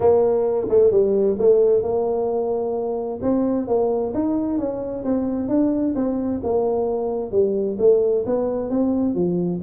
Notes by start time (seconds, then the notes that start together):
0.00 A#3
0.69 A3
0.91 G3
1.38 A3
1.82 A#3
3.22 C4
3.67 A#3
4.14 D#4
4.58 C#4
5.04 C4
5.48 D4
5.95 C4
6.43 A#3
7.31 G3
7.78 A3
8.25 B3
8.70 C4
9.14 F3